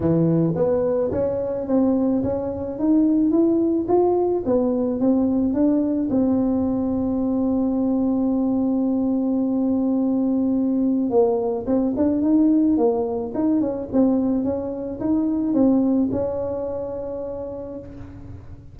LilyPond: \new Staff \with { instrumentName = "tuba" } { \time 4/4 \tempo 4 = 108 e4 b4 cis'4 c'4 | cis'4 dis'4 e'4 f'4 | b4 c'4 d'4 c'4~ | c'1~ |
c'1 | ais4 c'8 d'8 dis'4 ais4 | dis'8 cis'8 c'4 cis'4 dis'4 | c'4 cis'2. | }